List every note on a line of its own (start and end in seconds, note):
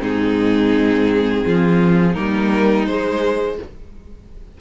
0.00 1.44 G#2
0.00 2.14 C4
0.00 1.44 D#4
0.00 2.14 G#4
1.45 2.16 F3
1.45 2.13 F4
2.13 2.87 G3
2.13 2.86 A#3
2.13 3.56 D#4
2.13 2.86 A#4
2.86 3.58 G#3
2.86 3.61 G#3
2.86 3.58 C5